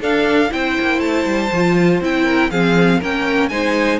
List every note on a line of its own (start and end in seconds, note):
0.00 0.50 D4
0.00 0.49 D4
0.00 0.50 A4
0.00 0.52 F5
0.49 0.78 C4
0.49 1.49 E4
0.49 2.24 C5
0.49 1.00 G5
0.80 1.00 A#3
1.00 1.25 A3
1.00 2.00 A5
1.25 1.50 G3
1.52 2.01 F3
1.52 2.02 F4
2.01 2.51 C4
2.01 2.51 E4
2.01 2.51 G5
2.24 2.49 A#4
2.51 3.01 F3
2.51 3.01 C4
2.51 2.99 G#4
2.51 3.01 F5
2.99 3.50 A#3
2.99 3.50 C#4
2.99 3.49 A#4
2.99 3.49 G5
3.49 3.99 G#3
3.49 3.99 D#4
3.49 3.99 C5
3.49 3.99 G#5